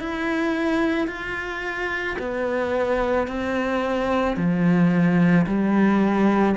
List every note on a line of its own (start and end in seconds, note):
0.00 1.08 E4
1.08 2.17 F4
2.19 3.28 B3
3.28 4.37 C4
4.37 5.46 F3
5.47 6.56 G3